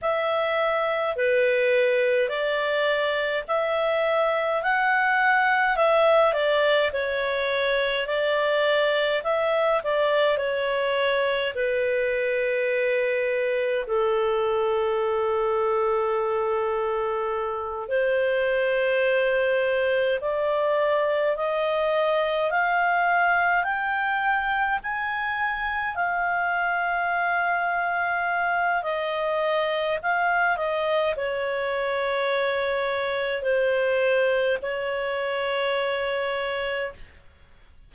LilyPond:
\new Staff \with { instrumentName = "clarinet" } { \time 4/4 \tempo 4 = 52 e''4 b'4 d''4 e''4 | fis''4 e''8 d''8 cis''4 d''4 | e''8 d''8 cis''4 b'2 | a'2.~ a'8 c''8~ |
c''4. d''4 dis''4 f''8~ | f''8 g''4 gis''4 f''4.~ | f''4 dis''4 f''8 dis''8 cis''4~ | cis''4 c''4 cis''2 | }